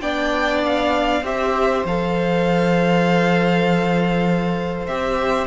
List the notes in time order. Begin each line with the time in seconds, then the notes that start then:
0.00 B3 D4 D5 G5
0.65 F5
1.22 C4 G4 C5 E5
1.84 F3 A4 F5
4.86 C4 G4 E5